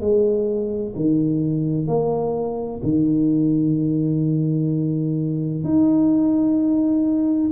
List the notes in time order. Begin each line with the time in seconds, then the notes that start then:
0.00 G#3
0.95 D#3
1.87 A#3
2.83 D#3
5.64 D#4